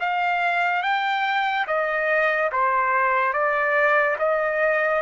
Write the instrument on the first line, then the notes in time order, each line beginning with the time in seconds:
trumpet
0.00 F5
0.82 G5
1.67 D#5
2.52 C5
3.33 D5
4.19 D#5